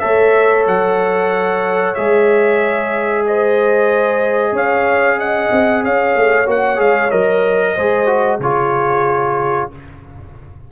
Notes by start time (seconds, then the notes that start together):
0.00 A3 A4 C#5 E5
0.67 F#3 F#5
1.95 G#3 G#4 E5
3.27 C5 D#5
4.52 C#4 C#5 F5
5.19 D#5 F#5
5.51 C4
5.84 C#4 C#5 F5
6.16 A3
6.46 A#3 F#4 F#5
6.77 G#3 G#4 F5
7.11 F#3 A#4 D#5
7.75 G#3 G#4 C5
8.07 F#4
8.40 C#3 F4 G#4 C#5